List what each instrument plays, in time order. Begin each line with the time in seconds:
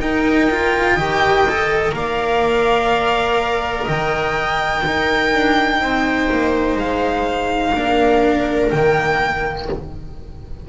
0.00 double bass D#4, cello D#4, viola A#4, violin G5
0.51 cello F4
0.96 double bass D#3, cello G4, viola D#5
1.49 cello A4
1.92 double bass A#3, cello A#4, viola D5, violin F5
3.84 double bass D#3, viola D#5, violin G5
4.85 double bass D#4, cello D#4, viola A#4
5.34 double bass D4
5.81 double bass C4, viola C5
6.31 double bass A#3
6.75 double bass G#3, violin F5
7.74 double bass A#3, cello D4, viola A#4
8.70 double bass D#3, cello A#3, violin G5